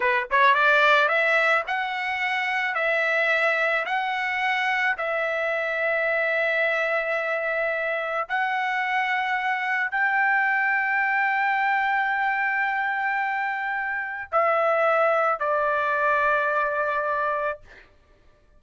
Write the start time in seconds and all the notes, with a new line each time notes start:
0.00 B4
0.30 C#5
0.54 D5
1.08 E5
1.67 F#5
2.74 E5
3.85 F#5
4.97 E5
8.28 F#5
9.91 G5
14.32 E5
15.39 D5